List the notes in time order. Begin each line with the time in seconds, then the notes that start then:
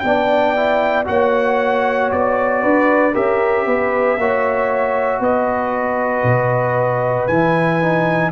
0.00 B3 D4 G5
0.06 D5
0.56 E4
1.05 A#3 F#4 C#5 F#5
2.11 B3 D5
2.62 D4 B4
3.13 C#4 G4 A#4 E5
3.66 B3 B4
4.17 A#3 F#4 C#5
5.19 B3 B4 D#5
6.23 B2
7.27 E3 E4 G#5
7.81 D#4